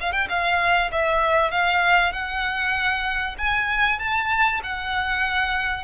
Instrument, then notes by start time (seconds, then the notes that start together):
violin
0.00 F5
0.12 G5
0.29 F5
0.91 E5
1.51 F5
2.12 F#5
3.37 G#5
3.99 A5
4.63 F#5